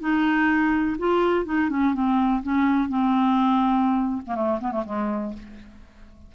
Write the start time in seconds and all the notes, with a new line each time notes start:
0.00 D#4
0.99 F4
1.45 D#4
1.70 C#4
1.94 C4
2.43 C#4
2.89 C4
4.27 A#3
4.35 A3
4.61 B3
4.72 A3
4.85 G#3